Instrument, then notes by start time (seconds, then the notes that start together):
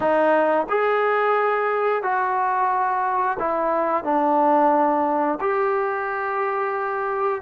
trombone
0.00 D#4
0.69 G#4
2.02 F#4
3.39 E4
4.04 D4
5.40 G4